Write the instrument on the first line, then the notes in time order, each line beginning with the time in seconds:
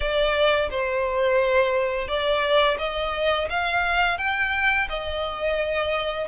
violin
0.00 D5
0.70 C5
2.07 D5
2.78 D#5
3.49 F5
4.18 G5
4.89 D#5